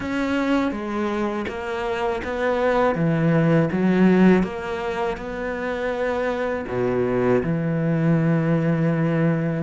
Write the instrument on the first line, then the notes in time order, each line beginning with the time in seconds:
cello
0.00 C#4
0.71 G#3
1.48 A#3
2.24 B3
2.95 E3
3.72 F#3
4.43 A#3
5.17 B3
6.68 B2
7.43 E3